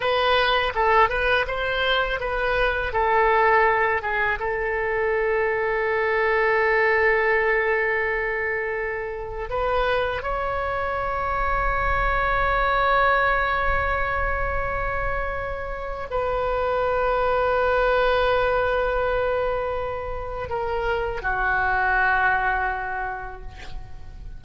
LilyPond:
\new Staff \with { instrumentName = "oboe" } { \time 4/4 \tempo 4 = 82 b'4 a'8 b'8 c''4 b'4 | a'4. gis'8 a'2~ | a'1~ | a'4 b'4 cis''2~ |
cis''1~ | cis''2 b'2~ | b'1 | ais'4 fis'2. | }